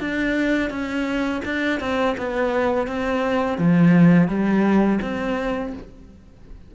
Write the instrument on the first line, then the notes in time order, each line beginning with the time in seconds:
cello
0.00 D4
0.70 C#4
1.45 D4
1.80 C4
2.18 B3
2.87 C4
3.58 F3
4.28 G3
5.02 C4